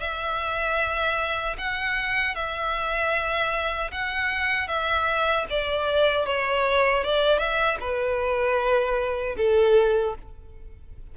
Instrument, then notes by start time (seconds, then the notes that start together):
violin
0.00 E5
1.58 F#5
2.35 E5
3.91 F#5
4.68 E5
5.49 D5
6.26 C#5
7.03 D5
7.38 E5
7.80 B4
9.37 A4